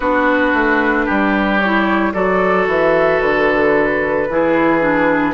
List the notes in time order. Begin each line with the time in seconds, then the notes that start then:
0.00 B3 D4 F#4 B4
0.53 A3
1.05 G3 G4
1.59 E4 C#5
2.13 F#3 F#4 A4 D5
2.67 E3 E5
3.20 D3 B4
4.28 E3 E4 G#4
4.80 D4